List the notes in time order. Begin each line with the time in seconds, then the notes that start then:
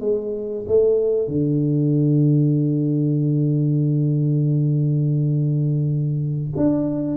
0.00 G#3
0.68 A3
1.27 D3
6.57 D4